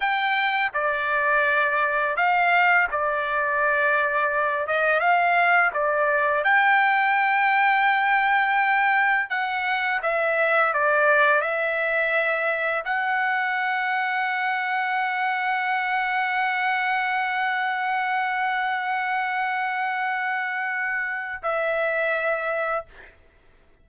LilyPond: \new Staff \with { instrumentName = "trumpet" } { \time 4/4 \tempo 4 = 84 g''4 d''2 f''4 | d''2~ d''8 dis''8 f''4 | d''4 g''2.~ | g''4 fis''4 e''4 d''4 |
e''2 fis''2~ | fis''1~ | fis''1~ | fis''2 e''2 | }